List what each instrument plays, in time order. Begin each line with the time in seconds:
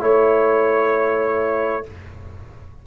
0.00 tuba A3, trombone E4, horn C#5, trumpet C#5